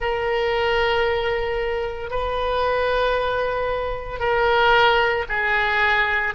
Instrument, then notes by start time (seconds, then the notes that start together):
oboe
0.00 A#4
2.10 B4
4.19 A#4
5.29 G#4